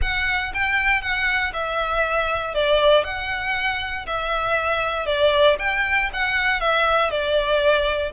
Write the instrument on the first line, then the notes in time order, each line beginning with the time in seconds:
violin
0.01 F#5
0.54 G5
1.01 F#5
1.53 E5
2.54 D5
3.04 F#5
4.06 E5
5.06 D5
5.59 G5
6.13 F#5
6.60 E5
7.10 D5